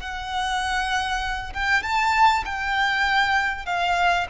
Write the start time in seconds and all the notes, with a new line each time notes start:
0.00 F#5
1.53 G5
1.83 A5
2.45 G5
3.65 F5